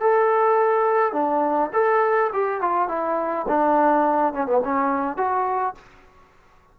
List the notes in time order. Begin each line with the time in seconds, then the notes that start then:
0.00 A4
1.12 D4
1.73 A4
2.33 G4
2.61 F4
2.88 E4
3.48 D4
4.33 C#4
4.46 B3
4.64 C#4
5.17 F#4